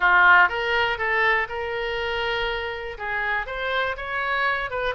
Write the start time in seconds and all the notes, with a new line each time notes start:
0.00 F4
0.48 A#4
0.98 A4
1.48 A#4
2.98 G#4
3.46 C5
3.96 C#5
4.70 B4